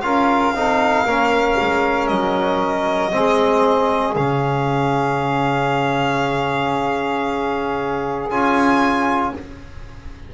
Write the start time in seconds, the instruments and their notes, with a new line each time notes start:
0.00 double bass C#4, trombone F4, saxophone A#4, violin F5
0.53 double bass C4, trombone D#4, saxophone A4
1.04 double bass A#3, trombone C#4, saxophone A#4
1.61 double bass G#3
2.07 double bass F#3, violin D#5
3.11 double bass G#3, trombone C4, saxophone G#4
4.15 double bass C#3, trombone C#4, violin F5
8.29 double bass C#4, trombone F4, violin G#5